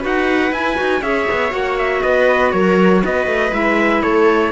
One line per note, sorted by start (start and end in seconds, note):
0.00 0.52 D#4
0.00 0.51 F#4
0.00 1.00 B4
0.00 0.53 F#5
0.52 0.77 E4
0.52 0.76 E4
0.52 1.03 G#5
0.76 1.01 D#4
0.76 1.01 F#4
1.01 1.26 C#4
1.01 1.51 G#4
1.01 2.01 C#5
1.01 1.53 E5
1.31 1.53 B3
1.51 2.03 A#3
1.51 3.51 F#4
1.51 1.78 F#5
1.79 2.03 E5
2.03 2.54 B3
2.03 2.54 B4
2.03 2.52 D#5
2.52 3.04 F#3
2.52 3.04 A#4
2.52 3.02 C#5
3.05 3.27 B3
3.05 4.03 B4
3.05 3.54 D#5
3.27 3.52 A3
3.53 4.03 G#3
3.53 4.52 E4
3.53 4.03 E5
4.03 4.52 A3
4.03 4.52 A4
4.03 4.52 C#5